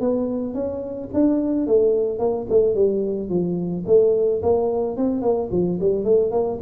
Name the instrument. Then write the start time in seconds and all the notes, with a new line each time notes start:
tuba
0.00 B3
0.54 C#4
1.14 D4
1.67 A3
2.19 A#3
2.49 A3
2.75 G3
3.29 F3
3.86 A3
4.42 A#3
4.97 C4
5.21 A#3
5.51 F3
5.80 G3
6.04 A3
6.31 A#3